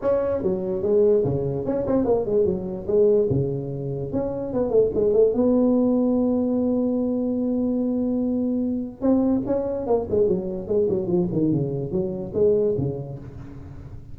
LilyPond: \new Staff \with { instrumentName = "tuba" } { \time 4/4 \tempo 4 = 146 cis'4 fis4 gis4 cis4 | cis'8 c'8 ais8 gis8 fis4 gis4 | cis2 cis'4 b8 a8 | gis8 a8 b2.~ |
b1~ | b2 c'4 cis'4 | ais8 gis8 fis4 gis8 fis8 f8 dis8 | cis4 fis4 gis4 cis4 | }